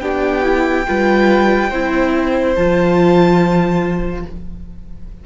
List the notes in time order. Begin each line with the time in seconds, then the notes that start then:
0.00 B3 D4 G4 G5
0.43 E4
0.87 G3 F4 B4
1.69 C4 E4 C5
2.56 F3 F4 A5